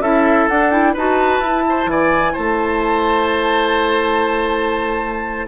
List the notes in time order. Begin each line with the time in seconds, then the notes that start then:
0.00 C#4 E4 A4 E5
0.49 D4 F#5
0.71 E4 G5
0.94 D#4 F#4 B4 A5
1.40 E4
1.69 C5
1.87 E3 D5 G#5
2.33 A3 C5 A5